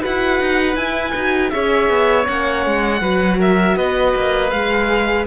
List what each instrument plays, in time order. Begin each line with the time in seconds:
0.00 cello E4, horn F#4, oboe B4, violin F#5
0.40 cello D#4
0.76 cello E4, horn E4, violin G#5
1.14 cello D#4, horn F#4
1.50 cello C#4, horn G#4, oboe C#5, violin E5
1.89 cello B3
2.23 cello A#3, horn C#4, violin F#5
2.66 cello G#3
3.01 cello F#3, horn F#4, oboe B4
3.39 oboe A#4, violin E5
3.76 cello B3, oboe B4, violin D#5
4.15 cello A#3
4.50 cello G#3, horn G#4, violin F5